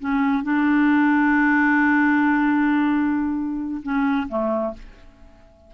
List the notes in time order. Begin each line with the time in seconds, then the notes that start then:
0.00 C#4
0.43 D4
3.83 C#4
4.29 A3